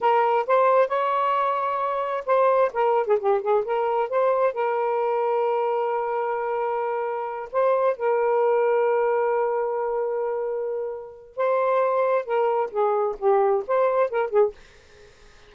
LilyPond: \new Staff \with { instrumentName = "saxophone" } { \time 4/4 \tempo 4 = 132 ais'4 c''4 cis''2~ | cis''4 c''4 ais'8. gis'16 g'8 gis'8 | ais'4 c''4 ais'2~ | ais'1~ |
ais'8 c''4 ais'2~ ais'8~ | ais'1~ | ais'4 c''2 ais'4 | gis'4 g'4 c''4 ais'8 gis'8 | }